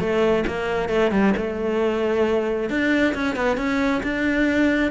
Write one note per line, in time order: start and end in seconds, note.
0.00 0.44 A3
0.47 0.89 A#3
0.89 1.12 A3
1.12 1.34 G3
1.37 2.70 A3
2.70 3.15 D4
3.15 3.36 C#4
3.36 3.57 B3
3.57 4.02 C#4
4.03 4.91 D4